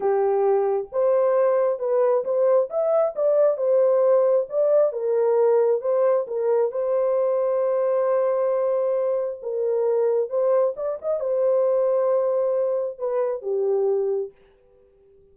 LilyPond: \new Staff \with { instrumentName = "horn" } { \time 4/4 \tempo 4 = 134 g'2 c''2 | b'4 c''4 e''4 d''4 | c''2 d''4 ais'4~ | ais'4 c''4 ais'4 c''4~ |
c''1~ | c''4 ais'2 c''4 | d''8 dis''8 c''2.~ | c''4 b'4 g'2 | }